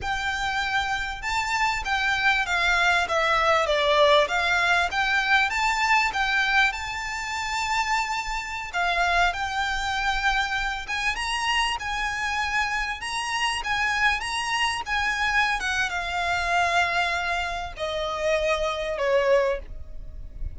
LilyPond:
\new Staff \with { instrumentName = "violin" } { \time 4/4 \tempo 4 = 98 g''2 a''4 g''4 | f''4 e''4 d''4 f''4 | g''4 a''4 g''4 a''4~ | a''2~ a''16 f''4 g''8.~ |
g''4.~ g''16 gis''8 ais''4 gis''8.~ | gis''4~ gis''16 ais''4 gis''4 ais''8.~ | ais''16 gis''4~ gis''16 fis''8 f''2~ | f''4 dis''2 cis''4 | }